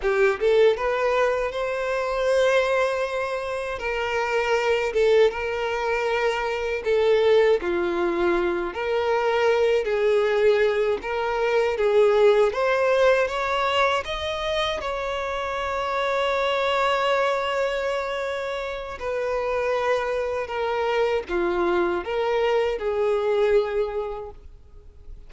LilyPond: \new Staff \with { instrumentName = "violin" } { \time 4/4 \tempo 4 = 79 g'8 a'8 b'4 c''2~ | c''4 ais'4. a'8 ais'4~ | ais'4 a'4 f'4. ais'8~ | ais'4 gis'4. ais'4 gis'8~ |
gis'8 c''4 cis''4 dis''4 cis''8~ | cis''1~ | cis''4 b'2 ais'4 | f'4 ais'4 gis'2 | }